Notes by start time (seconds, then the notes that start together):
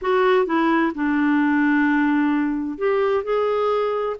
0.01 F#4
0.45 E4
0.95 D4
2.78 G4
3.23 G#4